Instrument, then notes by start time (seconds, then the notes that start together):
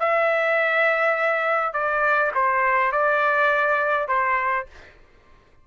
trumpet
0.00 E5
1.74 D5
2.35 C5
2.92 D5
4.08 C5